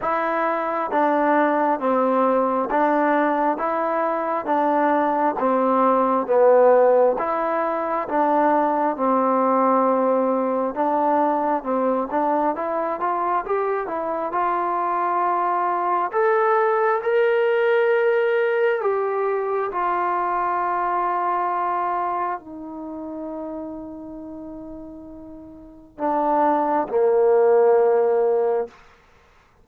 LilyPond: \new Staff \with { instrumentName = "trombone" } { \time 4/4 \tempo 4 = 67 e'4 d'4 c'4 d'4 | e'4 d'4 c'4 b4 | e'4 d'4 c'2 | d'4 c'8 d'8 e'8 f'8 g'8 e'8 |
f'2 a'4 ais'4~ | ais'4 g'4 f'2~ | f'4 dis'2.~ | dis'4 d'4 ais2 | }